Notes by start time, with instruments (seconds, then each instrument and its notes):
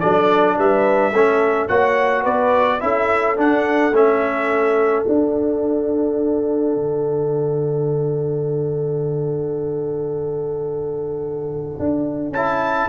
0.00 tuba F#3, trombone D4, horn A4, trumpet D5
0.57 tuba G3, horn B4, trumpet E5
1.13 tuba A3, trombone C#4, horn A4
1.67 tuba A#3, trombone F#4, horn C#5, trumpet F#5
2.21 tuba B3, horn B4, trumpet D5
2.80 tuba C#4, trombone E4, horn A4, trumpet E5
3.37 trombone D4, tuba D4, trumpet F#5
3.92 tuba A3, trombone C#4, trumpet E5
5.04 trombone D4, tuba D4, trumpet F#5
6.75 tuba D3
11.79 tuba D4
12.30 tuba C#4, trombone E4, trumpet A5